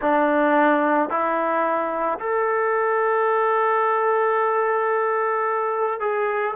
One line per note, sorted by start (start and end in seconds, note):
0.00 1.09 D4
1.09 2.18 E4
2.19 6.00 A4
6.00 6.55 G#4